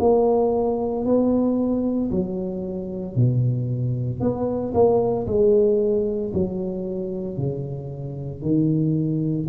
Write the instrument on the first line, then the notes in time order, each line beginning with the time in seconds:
tuba
0.00 A#3
1.06 B3
2.11 F#3
3.16 B2
4.21 B3
4.74 A#3
5.27 G#3
6.34 F#3
7.38 C#3
8.42 D#3